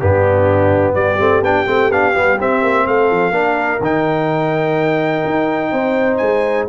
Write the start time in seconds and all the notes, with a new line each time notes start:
0.00 G2 B3 D4 G4
0.95 G3 G4 D5
1.19 A3 C4
1.42 B3 D4 G5
1.67 A3 C4
1.91 B3 D4 F5
2.15 G3 B3
2.40 C4 E5
2.63 A#3
2.87 A3 A4 F5
3.11 F3
3.31 A#3 D4 A#4
3.81 D#3 D#4 G5
5.26 D#4
5.72 C4 C5
6.18 G#3 G#5